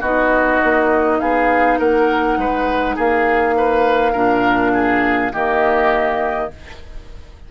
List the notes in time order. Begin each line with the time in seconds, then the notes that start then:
0.00 B3 D#4 F#4 D#5
0.63 A#3
1.20 B3 G#4 F5
1.78 A#3 A#4 F#5
2.37 G#3 B4
2.95 A#3 G#4 F5
3.57 B4
4.12 A#2 D4 A#4
4.73 G#4
5.32 D#3 A#3 G4 D#5